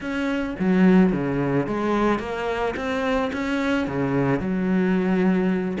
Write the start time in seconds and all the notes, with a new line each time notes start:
0.00 C#4
0.59 F#3
1.12 C#3
1.67 G#3
2.19 A#3
2.76 C4
3.33 C#4
3.87 C#3
4.39 F#3